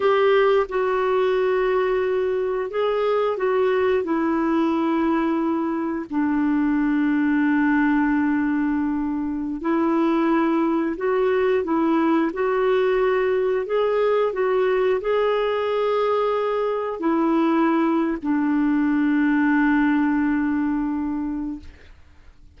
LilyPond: \new Staff \with { instrumentName = "clarinet" } { \time 4/4 \tempo 4 = 89 g'4 fis'2. | gis'4 fis'4 e'2~ | e'4 d'2.~ | d'2~ d'16 e'4.~ e'16~ |
e'16 fis'4 e'4 fis'4.~ fis'16~ | fis'16 gis'4 fis'4 gis'4.~ gis'16~ | gis'4~ gis'16 e'4.~ e'16 d'4~ | d'1 | }